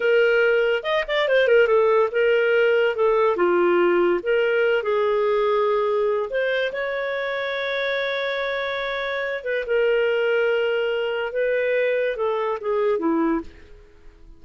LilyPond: \new Staff \with { instrumentName = "clarinet" } { \time 4/4 \tempo 4 = 143 ais'2 dis''8 d''8 c''8 ais'8 | a'4 ais'2 a'4 | f'2 ais'4. gis'8~ | gis'2. c''4 |
cis''1~ | cis''2~ cis''8 b'8 ais'4~ | ais'2. b'4~ | b'4 a'4 gis'4 e'4 | }